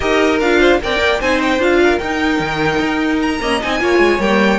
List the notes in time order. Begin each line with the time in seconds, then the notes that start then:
0.00 D#4 G4 A#4 D#5
0.40 D4 F4 F5
0.59 C5
0.81 C4 A#4 D5 G5
0.99 A#3
1.20 C4 D#4 C5 G#5
1.41 G5
1.58 D4 F4 F5
1.83 A#4
1.99 D#4 G5
2.39 D#3
2.79 D#4
3.21 A#5
3.40 A#3 C#4 D#5
3.62 C4 D#4 G#5
3.80 A#3 F4 C#5
3.98 G#3
4.19 G3 A#3 G5